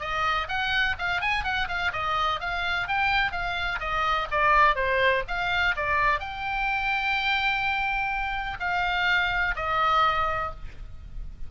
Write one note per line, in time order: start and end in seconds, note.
0.00 0.48 D#5
0.48 0.95 F#5
0.98 1.21 F5
1.21 1.44 G#5
1.44 1.67 F#5
1.68 1.92 F5
1.92 2.40 D#5
2.40 2.87 F5
2.87 3.31 G5
3.31 3.79 F5
3.80 4.27 D#5
4.31 4.75 D5
4.75 5.23 C5
5.27 5.75 F5
5.76 6.19 D5
6.19 8.58 G5
8.60 9.55 F5
9.56 10.51 D#5